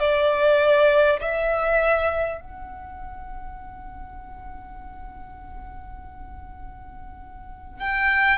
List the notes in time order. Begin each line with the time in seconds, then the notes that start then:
0.00 D5
1.21 E5
2.41 F#5
7.79 G5